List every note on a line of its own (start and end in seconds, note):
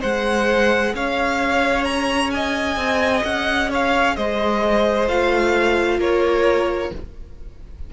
0.00 0.94 G#3
0.00 5.08 G#4
0.00 0.92 C5
0.00 0.95 F#5
0.94 2.76 C#4
0.94 2.34 C#5
0.94 1.84 F5
1.84 2.30 A#5
2.31 3.69 D#5
2.31 3.23 G#5
2.76 3.22 C4
3.24 4.16 C#4
3.24 3.71 F#5
3.69 4.15 C#5
3.69 4.16 F5
4.16 5.08 G#3
4.16 5.98 C5
4.16 5.08 D#5
5.08 5.98 A3
5.08 6.92 F4
5.08 6.00 F5
5.98 6.91 A#3
5.98 6.91 A#4
5.98 6.93 C#5